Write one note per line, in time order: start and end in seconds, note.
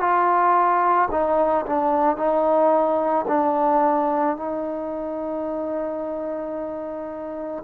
0.00 1.09 F4
1.12 1.66 D#4
1.67 2.17 D4
2.17 3.26 D#4
3.28 4.37 D4
4.37 7.64 D#4